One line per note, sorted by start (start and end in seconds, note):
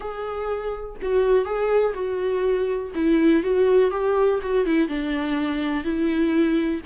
0.00 0.96 G#4
1.01 1.45 F#4
1.45 1.93 G#4
1.94 2.91 F#4
2.94 3.43 E4
3.43 3.90 F#4
3.90 4.39 G4
4.41 4.65 F#4
4.65 4.88 E4
4.88 5.83 D4
5.83 6.81 E4